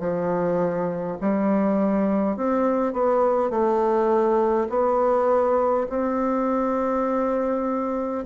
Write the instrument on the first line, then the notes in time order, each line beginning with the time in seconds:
bassoon
0.00 F3
1.21 G3
2.36 C4
2.93 B3
3.50 A3
4.70 B3
5.89 C4